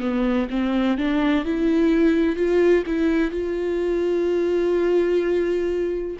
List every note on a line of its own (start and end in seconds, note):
0.00 0.48 B3
0.50 0.97 C4
0.97 1.45 D4
1.45 2.36 E4
2.36 2.84 F4
2.86 3.31 E4
3.31 6.17 F4